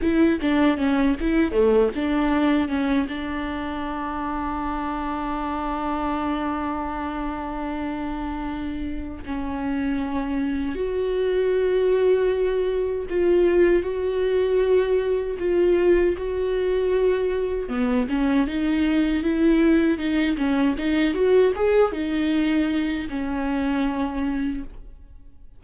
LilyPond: \new Staff \with { instrumentName = "viola" } { \time 4/4 \tempo 4 = 78 e'8 d'8 cis'8 e'8 a8 d'4 cis'8 | d'1~ | d'1 | cis'2 fis'2~ |
fis'4 f'4 fis'2 | f'4 fis'2 b8 cis'8 | dis'4 e'4 dis'8 cis'8 dis'8 fis'8 | gis'8 dis'4. cis'2 | }